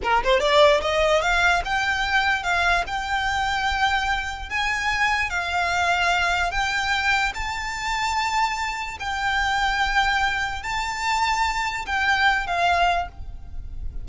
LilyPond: \new Staff \with { instrumentName = "violin" } { \time 4/4 \tempo 4 = 147 ais'8 c''8 d''4 dis''4 f''4 | g''2 f''4 g''4~ | g''2. gis''4~ | gis''4 f''2. |
g''2 a''2~ | a''2 g''2~ | g''2 a''2~ | a''4 g''4. f''4. | }